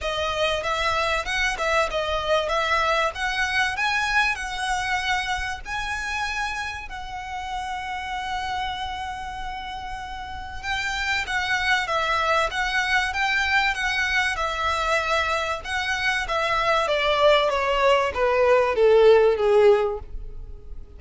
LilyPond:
\new Staff \with { instrumentName = "violin" } { \time 4/4 \tempo 4 = 96 dis''4 e''4 fis''8 e''8 dis''4 | e''4 fis''4 gis''4 fis''4~ | fis''4 gis''2 fis''4~ | fis''1~ |
fis''4 g''4 fis''4 e''4 | fis''4 g''4 fis''4 e''4~ | e''4 fis''4 e''4 d''4 | cis''4 b'4 a'4 gis'4 | }